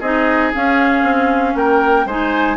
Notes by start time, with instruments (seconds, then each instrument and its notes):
0.00 bassoon C4, clarinet D#4, oboe G#4, flute D#5
0.54 clarinet C#4, bassoon C#4, flute F5
1.03 bassoon C4
1.55 bassoon A#3, oboe A#4, flute G5
2.06 bassoon G#3, clarinet D#4, oboe C5, flute G#5